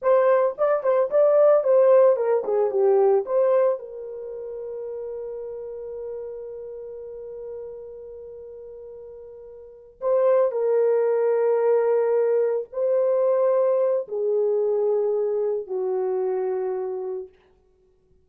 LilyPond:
\new Staff \with { instrumentName = "horn" } { \time 4/4 \tempo 4 = 111 c''4 d''8 c''8 d''4 c''4 | ais'8 gis'8 g'4 c''4 ais'4~ | ais'1~ | ais'1~ |
ais'2~ ais'8 c''4 ais'8~ | ais'2.~ ais'8 c''8~ | c''2 gis'2~ | gis'4 fis'2. | }